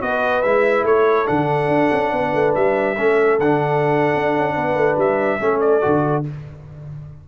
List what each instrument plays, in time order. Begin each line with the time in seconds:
0.00 tuba B3, trombone F#4, horn B4, trumpet D#5
0.42 tuba G#3, trombone E4, trumpet E5
0.83 tuba A3, horn A4, trumpet C#5
1.26 tuba D3, trombone D4, trumpet F#5
1.68 tuba D4
1.92 tuba C#4
2.12 tuba B3, horn B4
2.34 tuba A3
2.55 tuba G3, trumpet E5
2.96 tuba A3, trombone C#4, horn A4
3.39 tuba D3, trombone D4, trumpet F#5
4.15 tuba D4
4.36 tuba C#4
4.54 tuba B3, horn B4
4.75 tuba A3
4.97 tuba G3, trumpet E5
5.40 tuba A3, trombone C#4, horn A4
5.60 trumpet D5
5.81 tuba D3, trombone F#4